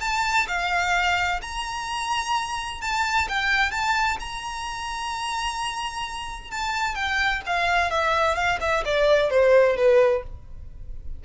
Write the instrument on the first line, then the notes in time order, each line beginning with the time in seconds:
violin
0.00 A5
0.48 F5
1.42 A#5
2.81 A5
3.28 G5
3.71 A5
4.20 A#5
6.51 A5
6.95 G5
7.46 F5
7.90 E5
8.35 F5
8.60 E5
8.85 D5
9.30 C5
9.77 B4